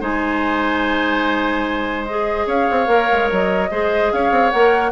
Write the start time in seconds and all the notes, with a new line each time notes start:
0.00 G#3 D#4 C5 G#5
2.05 G#4 D#5
2.46 C#4 C#5 F5
2.70 C4
2.87 A#3 A#4
3.12 G#3
3.31 F#3 D#5
3.71 G#3 G#4 C5
4.12 C#4 C#5 F5
4.31 C4
4.51 A#3 A#4 F#5